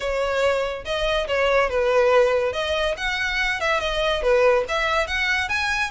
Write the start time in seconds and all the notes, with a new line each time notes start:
0.00 C#5
0.85 D#5
1.27 C#5
1.69 B4
2.52 D#5
2.97 F#5
3.60 E5
3.80 D#5
4.22 B4
4.68 E5
5.07 F#5
5.48 G#5